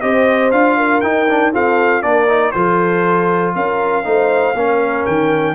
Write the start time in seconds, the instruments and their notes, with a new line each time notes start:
0.00 tuba C4, trombone G4, horn C5, trumpet D#5
0.51 tuba D4, trombone F4, trumpet F5
0.77 horn A#4
1.00 tuba D#4, trombone D#4, trumpet G5
1.28 trombone D4
1.53 trombone C4, tuba F4, horn A4, trumpet F5
2.02 tuba A#3, trombone D4, horn A#4, trumpet D5
2.28 trombone D#4
2.51 tuba F3, trombone F4, horn A4, trumpet C5
3.55 tuba C#4, horn A#4, trumpet F5
4.04 tuba A3, trombone D#4, horn C5
4.54 tuba A#3, trombone C#4, horn A#4
5.06 tuba D#3, trumpet G5